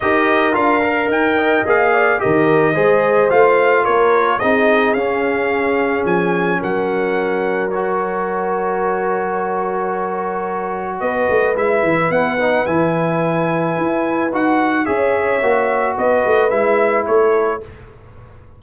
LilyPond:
<<
  \new Staff \with { instrumentName = "trumpet" } { \time 4/4 \tempo 4 = 109 dis''4 f''4 g''4 f''4 | dis''2 f''4 cis''4 | dis''4 f''2 gis''4 | fis''2 cis''2~ |
cis''1 | dis''4 e''4 fis''4 gis''4~ | gis''2 fis''4 e''4~ | e''4 dis''4 e''4 cis''4 | }
  \new Staff \with { instrumentName = "horn" } { \time 4/4 ais'2~ ais'8 dis''4 d''8 | ais'4 c''2 ais'4 | gis'1 | ais'1~ |
ais'1 | b'1~ | b'2. cis''4~ | cis''4 b'2 a'4 | }
  \new Staff \with { instrumentName = "trombone" } { \time 4/4 g'4 f'8 ais'4. gis'4 | g'4 gis'4 f'2 | dis'4 cis'2.~ | cis'2 fis'2~ |
fis'1~ | fis'4 e'4. dis'8 e'4~ | e'2 fis'4 gis'4 | fis'2 e'2 | }
  \new Staff \with { instrumentName = "tuba" } { \time 4/4 dis'4 d'4 dis'4 ais4 | dis4 gis4 a4 ais4 | c'4 cis'2 f4 | fis1~ |
fis1 | b8 a8 gis8 e8 b4 e4~ | e4 e'4 dis'4 cis'4 | ais4 b8 a8 gis4 a4 | }
>>